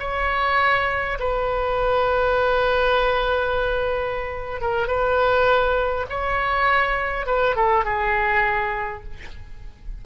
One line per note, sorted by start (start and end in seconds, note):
0.00 1.19 C#5
1.20 4.61 B4
4.61 4.88 A#4
4.88 6.07 B4
6.10 7.27 C#5
7.27 7.56 B4
7.56 7.85 A4
7.85 9.04 G#4